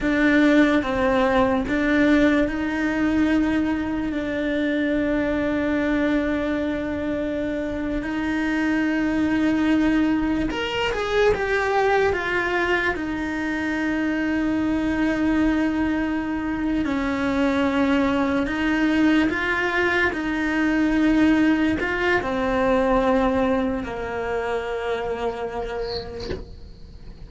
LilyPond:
\new Staff \with { instrumentName = "cello" } { \time 4/4 \tempo 4 = 73 d'4 c'4 d'4 dis'4~ | dis'4 d'2.~ | d'4.~ d'16 dis'2~ dis'16~ | dis'8. ais'8 gis'8 g'4 f'4 dis'16~ |
dis'1~ | dis'8 cis'2 dis'4 f'8~ | f'8 dis'2 f'8 c'4~ | c'4 ais2. | }